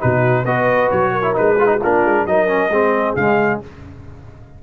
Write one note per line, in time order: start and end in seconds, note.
0.00 0.45 B2
0.00 0.45 D#4
0.00 0.45 F#4
0.00 0.45 B4
0.45 0.90 B3
0.45 1.23 F#4
0.45 1.12 B4
0.45 0.90 D#5
0.91 1.37 F#3
0.91 1.36 C#5
1.12 1.57 A#4
1.23 1.34 E4
1.34 1.83 G#3
1.34 1.56 D#4
1.34 1.82 B4
1.59 1.66 F4
1.59 1.70 G#4
1.66 1.78 D#4
1.66 1.79 F#4
1.79 2.05 A#3
1.79 2.28 D4
1.79 2.24 F4
1.79 2.27 A#4
2.05 2.26 G#3
2.26 2.69 F#3
2.26 2.47 D#4
2.26 2.72 A#4
2.26 3.16 D#5
2.47 2.70 C#4
2.69 3.14 G#3
2.69 3.18 C4
2.69 3.63 G#4
3.16 3.61 C#3
3.16 3.63 G#3
3.16 3.61 F5